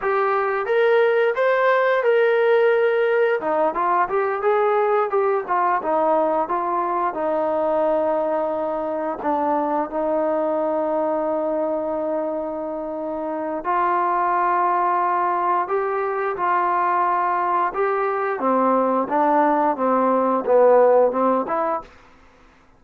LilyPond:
\new Staff \with { instrumentName = "trombone" } { \time 4/4 \tempo 4 = 88 g'4 ais'4 c''4 ais'4~ | ais'4 dis'8 f'8 g'8 gis'4 g'8 | f'8 dis'4 f'4 dis'4.~ | dis'4. d'4 dis'4.~ |
dis'1 | f'2. g'4 | f'2 g'4 c'4 | d'4 c'4 b4 c'8 e'8 | }